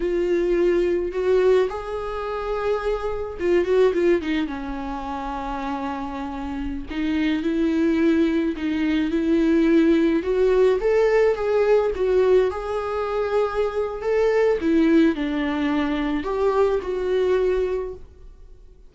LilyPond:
\new Staff \with { instrumentName = "viola" } { \time 4/4 \tempo 4 = 107 f'2 fis'4 gis'4~ | gis'2 f'8 fis'8 f'8 dis'8 | cis'1~ | cis'16 dis'4 e'2 dis'8.~ |
dis'16 e'2 fis'4 a'8.~ | a'16 gis'4 fis'4 gis'4.~ gis'16~ | gis'4 a'4 e'4 d'4~ | d'4 g'4 fis'2 | }